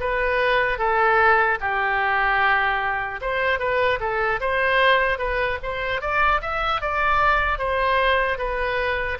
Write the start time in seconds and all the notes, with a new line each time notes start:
0.00 B4
0.79 A4
1.60 G4
3.21 C5
3.59 B4
4.00 A4
4.40 C5
5.19 B4
5.63 C5
6.01 D5
6.41 E5
6.81 D5
7.58 C5
8.38 B4